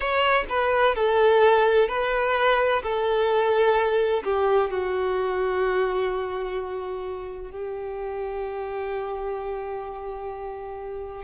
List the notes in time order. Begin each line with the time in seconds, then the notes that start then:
0.00 C#5
0.49 B4
0.95 A4
1.88 B4
2.82 A4
4.23 G4
4.70 F#4
7.51 G4